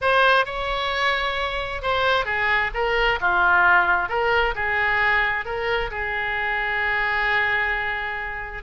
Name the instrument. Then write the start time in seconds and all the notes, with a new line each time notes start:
oboe
0.01 C5
0.45 C#5
1.82 C5
2.25 G#4
2.74 A#4
3.20 F4
4.08 A#4
4.55 G#4
5.45 A#4
5.90 G#4